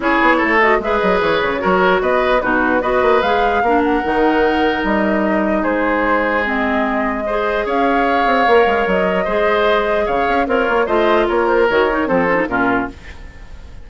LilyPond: <<
  \new Staff \with { instrumentName = "flute" } { \time 4/4 \tempo 4 = 149 cis''4. dis''8 e''8 dis''8 cis''4~ | cis''4 dis''4 b'4 dis''4 | f''4. fis''2~ fis''8 | dis''2 c''2 |
dis''2. f''4~ | f''2 dis''2~ | dis''4 f''4 cis''4 dis''4 | cis''8 c''8 cis''4 c''4 ais'4 | }
  \new Staff \with { instrumentName = "oboe" } { \time 4/4 gis'4 a'4 b'2 | ais'4 b'4 fis'4 b'4~ | b'4 ais'2.~ | ais'2 gis'2~ |
gis'2 c''4 cis''4~ | cis''2. c''4~ | c''4 cis''4 f'4 c''4 | ais'2 a'4 f'4 | }
  \new Staff \with { instrumentName = "clarinet" } { \time 4/4 e'4. fis'8 gis'2 | fis'2 dis'4 fis'4 | gis'4 d'4 dis'2~ | dis'1 |
c'2 gis'2~ | gis'4 ais'2 gis'4~ | gis'2 ais'4 f'4~ | f'4 fis'8 dis'8 c'8 cis'16 dis'16 cis'4 | }
  \new Staff \with { instrumentName = "bassoon" } { \time 4/4 cis'8 b8 a4 gis8 fis8 e8 cis8 | fis4 b4 b,4 b8 ais8 | gis4 ais4 dis2 | g2 gis2~ |
gis2. cis'4~ | cis'8 c'8 ais8 gis8 fis4 gis4~ | gis4 cis8 cis'8 c'8 ais8 a4 | ais4 dis4 f4 ais,4 | }
>>